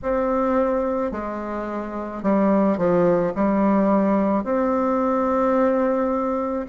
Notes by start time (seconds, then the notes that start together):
0.02 C4
1.11 G#3
2.22 G3
2.77 F3
3.35 G3
4.43 C4